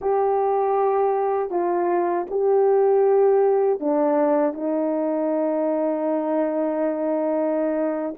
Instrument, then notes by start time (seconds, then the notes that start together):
horn
0.01 G4
1.50 F4
2.30 G4
3.80 D4
4.53 D#4